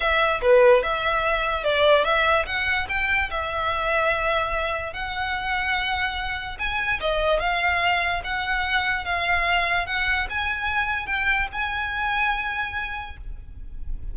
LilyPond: \new Staff \with { instrumentName = "violin" } { \time 4/4 \tempo 4 = 146 e''4 b'4 e''2 | d''4 e''4 fis''4 g''4 | e''1 | fis''1 |
gis''4 dis''4 f''2 | fis''2 f''2 | fis''4 gis''2 g''4 | gis''1 | }